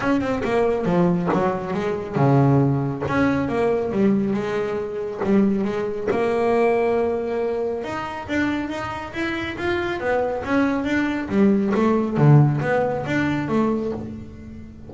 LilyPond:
\new Staff \with { instrumentName = "double bass" } { \time 4/4 \tempo 4 = 138 cis'8 c'8 ais4 f4 fis4 | gis4 cis2 cis'4 | ais4 g4 gis2 | g4 gis4 ais2~ |
ais2 dis'4 d'4 | dis'4 e'4 f'4 b4 | cis'4 d'4 g4 a4 | d4 b4 d'4 a4 | }